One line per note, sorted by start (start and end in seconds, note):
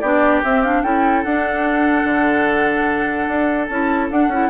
0.00 0.43 B3
0.00 0.44 D4
0.00 0.83 G4
0.00 0.41 D5
0.44 0.84 C4
0.44 0.65 C4
0.44 0.63 E5
0.63 0.85 D4
0.63 0.83 F5
0.83 1.24 C#4
0.83 1.26 E4
0.83 4.50 A4
0.83 1.24 G5
1.24 2.05 D4
1.24 3.71 D4
1.24 3.67 F#5
2.05 3.27 D3
3.28 3.69 D4
3.67 4.11 C#4
3.67 4.12 E4
3.67 4.08 A5
4.11 4.32 D4
4.11 4.28 D4
4.11 4.50 F#5
4.28 4.49 C#4
4.28 4.50 E4